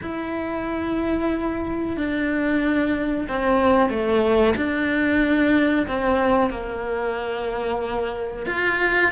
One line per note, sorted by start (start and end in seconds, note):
0.02 1.96 E4
1.96 3.27 D4
3.28 3.89 C4
3.89 4.54 A3
4.56 5.86 D4
5.87 6.50 C4
6.50 8.46 A#3
8.46 9.11 F4